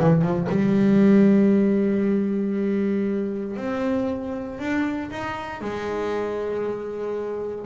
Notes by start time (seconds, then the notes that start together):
0.00 E3
0.22 F3
0.49 G3
3.57 C4
4.59 D4
5.11 D#4
5.61 G#3